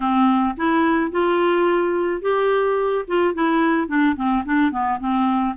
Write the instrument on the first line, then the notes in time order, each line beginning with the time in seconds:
clarinet
0.00 C4
0.56 E4
1.11 F4
2.21 G4
3.07 F4
3.34 E4
3.88 D4
4.16 C4
4.45 D4
4.71 B3
4.99 C4